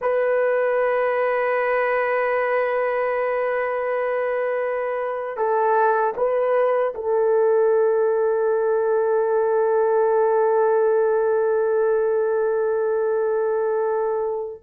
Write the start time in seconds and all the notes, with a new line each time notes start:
0.01 B4
5.37 A4
6.16 B4
6.94 A4